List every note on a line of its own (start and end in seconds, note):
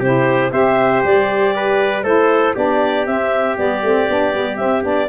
0.00 0.51 C3
0.00 0.52 E4
0.00 0.51 G4
0.00 0.52 C5
0.51 1.02 C4
0.51 2.04 G4
0.51 1.55 C5
0.51 1.03 E5
1.04 2.03 G3
1.04 2.04 D5
1.56 2.04 B4
2.03 2.54 A3
2.03 2.55 E4
2.03 2.55 A4
2.03 2.55 C5
2.55 3.07 B3
2.55 3.06 D4
2.55 5.09 G4
2.55 3.06 D5
3.06 3.58 C4
3.06 3.57 C4
3.06 3.57 E5
3.57 3.83 G3
3.57 3.83 B3
3.57 4.57 D5
3.83 4.09 A3
3.83 4.10 C4
4.09 4.35 B3
4.09 4.33 D4
4.33 4.59 G3
4.33 4.57 B3
4.57 4.82 C4
4.57 4.84 C4
4.57 4.82 E5
4.82 5.09 B3
4.82 5.08 D4
4.82 5.09 D5